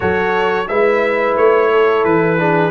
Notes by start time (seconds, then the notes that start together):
0.00 F#3 F#4 A4 C#5
0.67 G#3 E4 B4 E5
1.36 A3 C#5
1.71 A4
2.04 E3 B4
2.37 D4 G#4